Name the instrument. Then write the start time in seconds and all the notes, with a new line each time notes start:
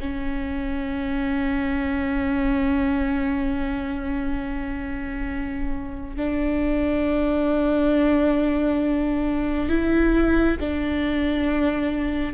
viola
0.00 C#4
6.16 D4
9.69 E4
10.60 D4